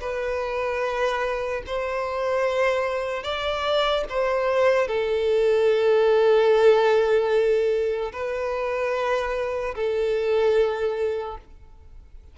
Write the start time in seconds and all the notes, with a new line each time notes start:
0.00 B4
1.66 C5
3.23 D5
4.09 C5
4.87 A4
8.12 B4
9.75 A4